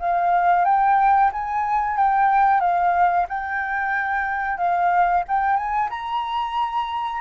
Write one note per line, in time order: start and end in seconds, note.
0.00 0.65 F5
0.65 1.31 G5
1.33 1.98 G#5
1.98 2.61 G5
2.61 3.27 F5
3.29 4.58 G5
4.58 5.24 F5
5.28 5.57 G5
5.57 5.90 G#5
5.90 7.21 A#5